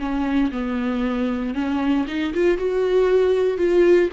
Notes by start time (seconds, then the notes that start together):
0.00 C#4
0.52 B3
1.55 C#4
2.08 D#4
2.34 F4
2.58 F#4
3.58 F4